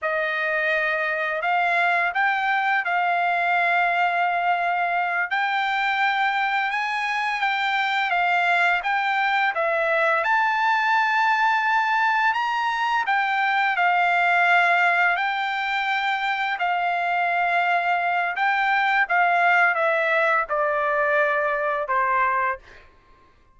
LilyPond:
\new Staff \with { instrumentName = "trumpet" } { \time 4/4 \tempo 4 = 85 dis''2 f''4 g''4 | f''2.~ f''8 g''8~ | g''4. gis''4 g''4 f''8~ | f''8 g''4 e''4 a''4.~ |
a''4. ais''4 g''4 f''8~ | f''4. g''2 f''8~ | f''2 g''4 f''4 | e''4 d''2 c''4 | }